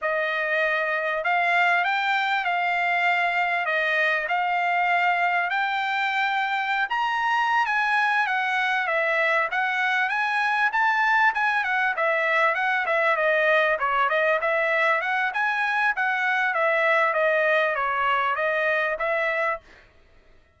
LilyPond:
\new Staff \with { instrumentName = "trumpet" } { \time 4/4 \tempo 4 = 98 dis''2 f''4 g''4 | f''2 dis''4 f''4~ | f''4 g''2~ g''16 ais''8.~ | ais''8 gis''4 fis''4 e''4 fis''8~ |
fis''8 gis''4 a''4 gis''8 fis''8 e''8~ | e''8 fis''8 e''8 dis''4 cis''8 dis''8 e''8~ | e''8 fis''8 gis''4 fis''4 e''4 | dis''4 cis''4 dis''4 e''4 | }